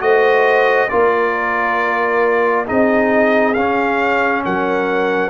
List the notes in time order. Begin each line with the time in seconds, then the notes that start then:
0.00 A3 F#4 C5 D#5
0.89 A#3 F4 A#4 D5
2.67 C4 D#4 G#4 D#5
3.54 C#4 F5
4.45 F#3 A#4 F#5